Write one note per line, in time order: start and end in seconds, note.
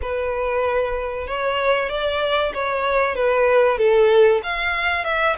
0.01 1.27 B4
1.27 1.89 C#5
1.89 2.52 D5
2.53 3.15 C#5
3.15 3.78 B4
3.78 4.41 A4
4.43 5.04 F5
5.04 5.35 E5